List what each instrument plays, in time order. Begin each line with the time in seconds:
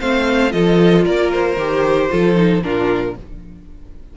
0.00 cello A3, viola C4, violin C5 F5
0.50 cello F3, viola F4, violin A4 D#5
1.04 cello A#3, violin A#4 D5
1.31 violin C5
1.56 cello D#3, viola G4
2.10 cello F3, viola F4, violin A4
2.35 viola D#4
2.63 cello A#2, viola D4, violin F4 A#4